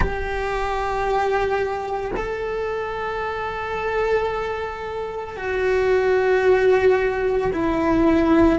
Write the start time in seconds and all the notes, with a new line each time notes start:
0.00 G4
2.16 A4
5.36 F#4
7.52 E4